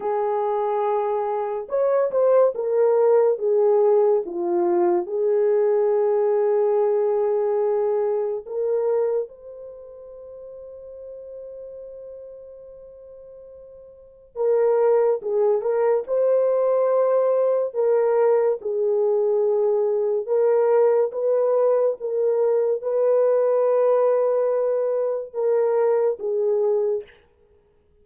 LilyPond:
\new Staff \with { instrumentName = "horn" } { \time 4/4 \tempo 4 = 71 gis'2 cis''8 c''8 ais'4 | gis'4 f'4 gis'2~ | gis'2 ais'4 c''4~ | c''1~ |
c''4 ais'4 gis'8 ais'8 c''4~ | c''4 ais'4 gis'2 | ais'4 b'4 ais'4 b'4~ | b'2 ais'4 gis'4 | }